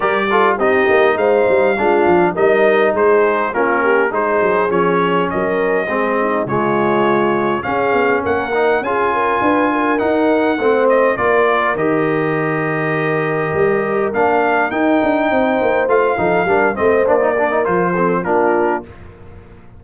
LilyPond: <<
  \new Staff \with { instrumentName = "trumpet" } { \time 4/4 \tempo 4 = 102 d''4 dis''4 f''2 | dis''4 c''4 ais'4 c''4 | cis''4 dis''2 cis''4~ | cis''4 f''4 fis''4 gis''4~ |
gis''4 fis''4. dis''8 d''4 | dis''1 | f''4 g''2 f''4~ | f''8 dis''8 d''4 c''4 ais'4 | }
  \new Staff \with { instrumentName = "horn" } { \time 4/4 ais'8 a'8 g'4 c''4 f'4 | ais'4 gis'4 f'8 g'8 gis'4~ | gis'4 ais'4 gis'8 dis'8 f'4~ | f'4 gis'4 ais'4 gis'8 ais'8 |
b'8 ais'4. c''4 ais'4~ | ais'1~ | ais'2 c''4. a'8 | ais'8 c''4 ais'4 a'8 f'4 | }
  \new Staff \with { instrumentName = "trombone" } { \time 4/4 g'8 f'8 dis'2 d'4 | dis'2 cis'4 dis'4 | cis'2 c'4 gis4~ | gis4 cis'4. dis'8 f'4~ |
f'4 dis'4 c'4 f'4 | g'1 | d'4 dis'2 f'8 dis'8 | d'8 c'8 d'16 dis'16 d'16 dis'16 f'8 c'8 d'4 | }
  \new Staff \with { instrumentName = "tuba" } { \time 4/4 g4 c'8 ais8 gis8 g8 gis8 f8 | g4 gis4 ais4 gis8 fis8 | f4 fis4 gis4 cis4~ | cis4 cis'8 b8 ais4 cis'4 |
d'4 dis'4 a4 ais4 | dis2. g4 | ais4 dis'8 d'8 c'8 ais8 a8 f8 | g8 a8 ais4 f4 ais4 | }
>>